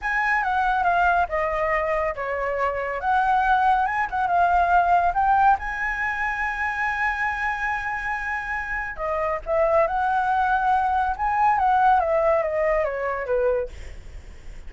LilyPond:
\new Staff \with { instrumentName = "flute" } { \time 4/4 \tempo 4 = 140 gis''4 fis''4 f''4 dis''4~ | dis''4 cis''2 fis''4~ | fis''4 gis''8 fis''8 f''2 | g''4 gis''2.~ |
gis''1~ | gis''4 dis''4 e''4 fis''4~ | fis''2 gis''4 fis''4 | e''4 dis''4 cis''4 b'4 | }